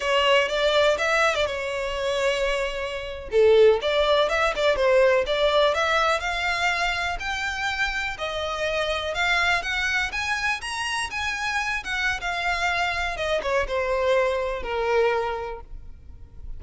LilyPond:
\new Staff \with { instrumentName = "violin" } { \time 4/4 \tempo 4 = 123 cis''4 d''4 e''8. d''16 cis''4~ | cis''2~ cis''8. a'4 d''16~ | d''8. e''8 d''8 c''4 d''4 e''16~ | e''8. f''2 g''4~ g''16~ |
g''8. dis''2 f''4 fis''16~ | fis''8. gis''4 ais''4 gis''4~ gis''16~ | gis''16 fis''8. f''2 dis''8 cis''8 | c''2 ais'2 | }